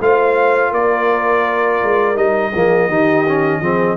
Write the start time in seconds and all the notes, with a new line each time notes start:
0.00 A3 F4 C5 F5
0.71 A#3 A#4 D5
1.83 G#3
2.16 G3 D#4 D#5
2.52 F3 A#3 G#4
2.88 D#3 D#4 G4
3.28 C#4
3.61 F3 C4 G#4